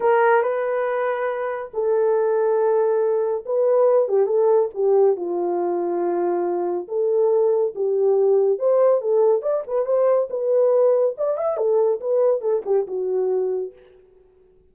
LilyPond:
\new Staff \with { instrumentName = "horn" } { \time 4/4 \tempo 4 = 140 ais'4 b'2. | a'1 | b'4. g'8 a'4 g'4 | f'1 |
a'2 g'2 | c''4 a'4 d''8 b'8 c''4 | b'2 d''8 e''8 a'4 | b'4 a'8 g'8 fis'2 | }